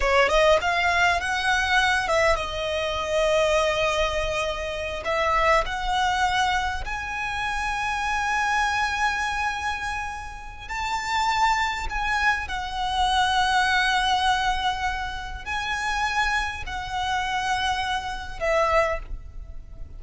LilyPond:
\new Staff \with { instrumentName = "violin" } { \time 4/4 \tempo 4 = 101 cis''8 dis''8 f''4 fis''4. e''8 | dis''1~ | dis''8 e''4 fis''2 gis''8~ | gis''1~ |
gis''2 a''2 | gis''4 fis''2.~ | fis''2 gis''2 | fis''2. e''4 | }